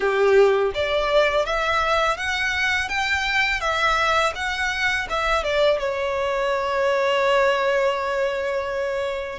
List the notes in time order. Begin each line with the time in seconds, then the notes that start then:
0.00 G4
0.74 D5
1.45 E5
2.17 F#5
2.88 G5
3.60 E5
4.35 F#5
5.09 E5
5.43 D5
5.79 C#5